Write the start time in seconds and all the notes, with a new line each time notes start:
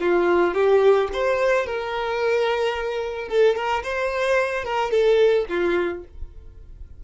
0.00 F4
0.54 G4
1.13 C5
1.66 A#4
3.28 A4
3.55 A#4
3.83 C5
4.64 A#4
4.91 A4
5.49 F4